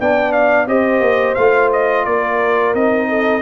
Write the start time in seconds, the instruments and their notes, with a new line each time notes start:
0.00 tuba B3, trombone D4, horn D5, trumpet G5
0.32 trumpet F5
0.67 tuba C4, trombone G4, horn C5, trumpet D#5
1.00 tuba A#3
1.35 tuba A3, trombone F4, trumpet F5
1.73 trumpet D#5
2.05 tuba A#3, horn A#4, trumpet D5
2.74 tuba C4, trombone D#4, trumpet D#5
3.08 horn A4